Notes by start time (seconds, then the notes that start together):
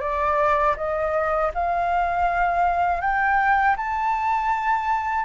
0.00 D5
0.76 D#5
1.54 F5
3.01 G5
3.76 A5